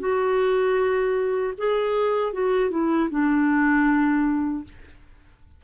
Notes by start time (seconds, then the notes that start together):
0.00 F#4
1.58 G#4
2.33 F#4
2.71 E4
3.10 D4